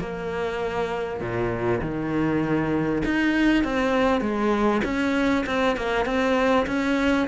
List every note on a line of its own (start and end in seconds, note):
0.00 1.20 A#3
1.20 1.81 A#2
1.82 3.03 D#3
3.05 3.64 D#4
3.64 4.21 C4
4.21 4.82 G#3
4.84 5.45 C#4
5.46 5.77 C4
5.77 6.06 A#3
6.06 6.66 C4
6.67 7.27 C#4